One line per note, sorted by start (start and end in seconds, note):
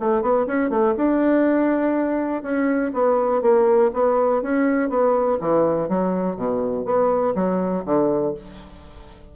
0.00 0.22 A3
0.22 0.46 B3
0.47 0.70 C#4
0.70 0.95 A3
0.97 2.43 D4
2.43 2.92 C#4
2.94 3.42 B3
3.42 3.91 A#3
3.94 4.43 B3
4.43 4.90 C#4
4.90 5.39 B3
5.41 5.89 E3
5.89 6.36 F#3
6.36 6.85 B2
6.85 7.34 B3
7.35 7.84 F#3
7.85 8.35 D3